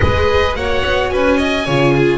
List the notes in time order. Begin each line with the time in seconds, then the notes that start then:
0.00 G#3 G#4 B4 D#5
0.55 A#3 F#4 C#5 F#5
0.84 B3
1.09 C#4 B4 G#5
1.37 D#5
1.64 C#3 F4 C#5
1.96 G#4